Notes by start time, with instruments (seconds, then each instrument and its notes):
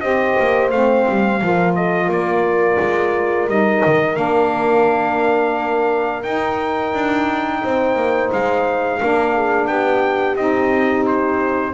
0.00 double bass C4, saxophone G4, horn C5, trumpet D#5
0.39 double bass A#3
0.70 double bass A3, saxophone C4, trumpet F5
1.08 double bass G3
1.41 double bass F3, saxophone F4, horn A#4
1.75 horn A4, trumpet D#5
2.06 double bass A#3, horn A#4
2.12 trumpet D5
2.79 double bass G#3
3.47 double bass G3, saxophone D#4, trumpet D#5
3.85 double bass D#3
4.14 double bass A#3, saxophone D4, trumpet F5
6.23 double bass D#4, saxophone D#4, trumpet G5
6.93 double bass D4
7.63 double bass C4, horn C5
7.95 double bass A#3
8.32 double bass G#3, trumpet F5
9.00 double bass A#3, saxophone D4, horn A#4
9.35 horn G#4
9.67 double bass B3, horn G4, trumpet G5
10.36 double bass C4, saxophone D#4, trumpet D#5
11.06 trumpet C5